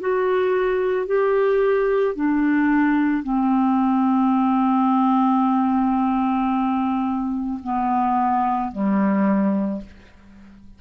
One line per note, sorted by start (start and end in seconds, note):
0.00 1.07 F#4
1.07 2.15 G4
2.15 3.23 D4
3.23 7.60 C4
7.63 8.72 B3
8.72 9.81 G3